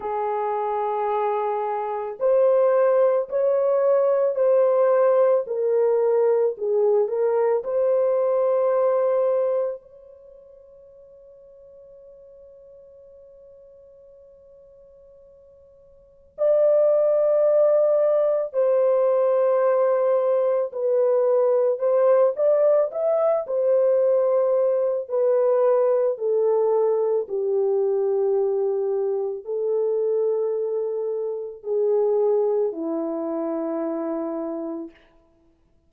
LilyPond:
\new Staff \with { instrumentName = "horn" } { \time 4/4 \tempo 4 = 55 gis'2 c''4 cis''4 | c''4 ais'4 gis'8 ais'8 c''4~ | c''4 cis''2.~ | cis''2. d''4~ |
d''4 c''2 b'4 | c''8 d''8 e''8 c''4. b'4 | a'4 g'2 a'4~ | a'4 gis'4 e'2 | }